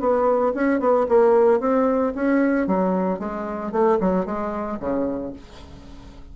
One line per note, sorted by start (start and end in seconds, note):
0.00 0.53 B3
0.54 0.80 C#4
0.80 1.06 B3
1.09 1.60 A#3
1.60 2.13 C4
2.15 2.67 C#4
2.67 3.19 F#3
3.19 3.72 G#3
3.72 3.98 A3
4.00 4.25 F#3
4.25 4.78 G#3
4.80 5.33 C#3